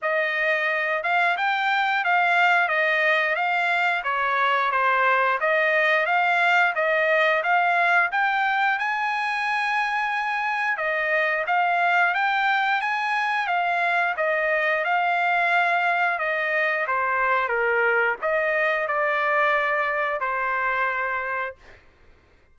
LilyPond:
\new Staff \with { instrumentName = "trumpet" } { \time 4/4 \tempo 4 = 89 dis''4. f''8 g''4 f''4 | dis''4 f''4 cis''4 c''4 | dis''4 f''4 dis''4 f''4 | g''4 gis''2. |
dis''4 f''4 g''4 gis''4 | f''4 dis''4 f''2 | dis''4 c''4 ais'4 dis''4 | d''2 c''2 | }